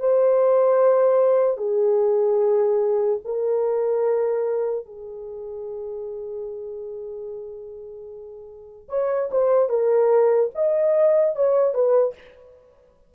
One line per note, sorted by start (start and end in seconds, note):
0.00 1.58 C5
1.58 3.20 G#4
3.25 4.86 A#4
4.86 8.89 G#4
8.89 9.30 C#5
9.32 9.70 C5
9.70 10.51 A#4
10.56 11.36 D#5
11.36 11.75 C#5
11.75 12.15 B4